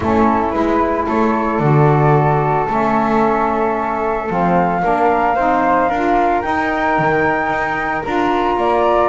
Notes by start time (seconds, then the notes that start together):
0.00 A3 C#4 E4 A4
0.50 G#3 E4 B4
1.05 A3 A4 C#5
1.59 D3 F#4 D5
2.66 A3 C#4 E5
4.28 F3 C4 F5
4.82 A#3 D4 A#4
5.35 C4 D#4 C5
5.88 D4 F4 A#4
6.42 D#4 G5
6.98 D#3
7.49 D#4
8.03 D4 F4 A#5
8.56 A#3 D5